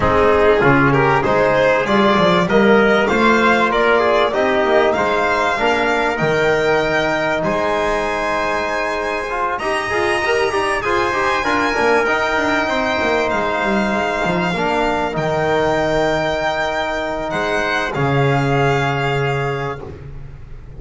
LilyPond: <<
  \new Staff \with { instrumentName = "violin" } { \time 4/4 \tempo 4 = 97 gis'4. ais'8 c''4 d''4 | dis''4 f''4 d''4 dis''4 | f''2 g''2 | gis''2.~ gis''8 ais''8~ |
ais''4. gis''2 g''8~ | g''4. f''2~ f''8~ | f''8 g''2.~ g''8 | fis''4 f''2. | }
  \new Staff \with { instrumentName = "trumpet" } { \time 4/4 dis'4 f'8 g'8 gis'2 | ais'4 c''4 ais'8 gis'8 g'4 | c''4 ais'2. | c''2.~ c''8 dis''8~ |
dis''4 d''8 c''4 ais'4.~ | ais'8 c''2. ais'8~ | ais'1 | c''4 gis'2. | }
  \new Staff \with { instrumentName = "trombone" } { \time 4/4 c'4 cis'4 dis'4 f'4 | ais4 f'2 dis'4~ | dis'4 d'4 dis'2~ | dis'2. f'8 g'8 |
gis'8 ais'8 g'8 gis'8 g'8 f'8 d'8 dis'8~ | dis'2.~ dis'8 d'8~ | d'8 dis'2.~ dis'8~ | dis'4 cis'2. | }
  \new Staff \with { instrumentName = "double bass" } { \time 4/4 gis4 cis4 gis4 g8 f8 | g4 a4 ais4 c'8 ais8 | gis4 ais4 dis2 | gis2.~ gis8 dis'8 |
f'8 g'8 dis'8 f'8 dis'8 d'8 ais8 dis'8 | d'8 c'8 ais8 gis8 g8 gis8 f8 ais8~ | ais8 dis2.~ dis8 | gis4 cis2. | }
>>